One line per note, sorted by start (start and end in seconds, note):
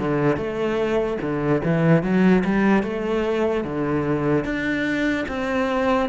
0.00 0.37 D3
0.37 1.18 A3
1.22 1.62 D3
1.64 2.03 E3
2.03 2.44 F#3
2.45 2.83 G3
2.83 3.64 A3
3.64 4.45 D3
4.45 5.26 D4
5.29 6.10 C4